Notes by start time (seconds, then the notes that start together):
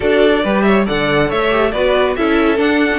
0.00 D4 F#4 A4 D5
0.43 G3 G4 B4
0.61 C#5 E5
0.85 D3 A4 D5 F#5
1.28 A3 C#5 E5
1.50 G4
1.71 B3 F#4 B4 D5
2.15 C#4 E4 A4 E5
2.56 D4 F#5
2.92 C#4